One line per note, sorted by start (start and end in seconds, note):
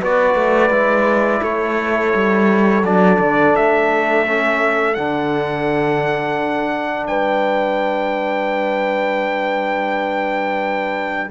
0.00 0.34 B3
0.00 0.71 F#4
0.00 1.40 B4
0.00 1.43 D5
0.34 0.70 A3
0.70 1.40 G#3
0.70 2.82 E4
1.40 2.13 A3
1.40 7.05 A4
1.40 2.84 C#5
2.14 2.82 G3
2.82 3.18 F#3
2.82 4.26 D4
2.82 3.55 D5
3.19 3.54 D3
3.56 4.96 A3
3.56 4.94 E5
4.26 4.95 C#4
4.94 7.08 D3
4.94 11.30 D4
4.94 7.06 F#5
7.07 11.31 G3
7.07 11.31 B4
7.07 11.30 G5